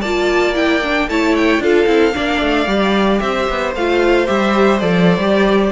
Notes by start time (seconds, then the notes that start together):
0.00 A#3 F4 D5 A5
0.54 E4 G5
0.83 D4
1.08 A3 E4 C#5 A5
1.36 G5
1.59 D4 F4 A4 F5
1.86 C4 E4
2.13 A#3 D4 D5
2.41 A3
2.66 G3 G4
3.19 C4 C5 E5
3.49 B3
3.75 A3 F4 F5
4.26 G3 G4 E5
4.79 F3 A4 D5
5.17 G3 G4